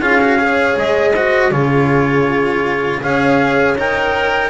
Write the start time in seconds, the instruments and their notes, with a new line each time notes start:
0.00 double bass C#4, cello F4, horn G#4, trumpet F5
0.21 cello F#4
0.39 cello G#4, horn C#5
0.77 double bass G#3, trumpet D#5
1.14 cello F#4, horn C5
1.50 double bass C#3, cello F4, horn G#4, trumpet C#5
3.02 double bass C#4, cello G#4, horn C#5, trumpet F5
3.77 double bass D#4, cello A#4, trumpet G5